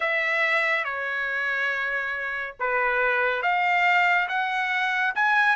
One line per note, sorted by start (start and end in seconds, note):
0.00 0.84 E5
0.84 2.55 C#5
2.59 3.42 B4
3.42 4.28 F5
4.28 5.14 F#5
5.15 5.56 G#5